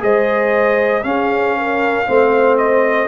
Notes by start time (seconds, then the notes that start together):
0.00 G#3 G#4 C5 D#5
1.04 C#4 G#4 F5
1.58 A#4
2.06 A3 C4 C5
2.58 D#5